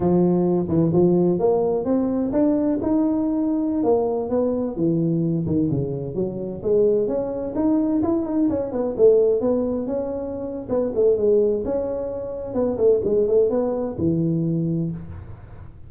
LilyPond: \new Staff \with { instrumentName = "tuba" } { \time 4/4 \tempo 4 = 129 f4. e8 f4 ais4 | c'4 d'4 dis'2~ | dis'16 ais4 b4 e4. dis16~ | dis16 cis4 fis4 gis4 cis'8.~ |
cis'16 dis'4 e'8 dis'8 cis'8 b8 a8.~ | a16 b4 cis'4.~ cis'16 b8 a8 | gis4 cis'2 b8 a8 | gis8 a8 b4 e2 | }